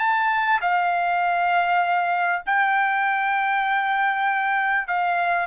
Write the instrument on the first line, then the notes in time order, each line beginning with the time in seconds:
trumpet
0.00 A5
0.62 F5
2.47 G5
4.88 F5